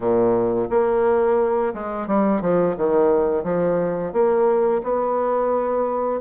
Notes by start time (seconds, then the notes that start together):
0.00 A#2
0.70 A#3
1.73 G#3
2.07 G3
2.41 F3
2.76 D#3
3.43 F3
4.12 A#3
4.83 B3